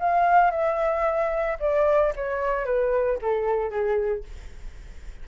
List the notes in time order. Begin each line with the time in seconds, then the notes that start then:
0.00 F5
0.51 E5
1.60 D5
2.16 C#5
2.66 B4
3.22 A4
3.71 G#4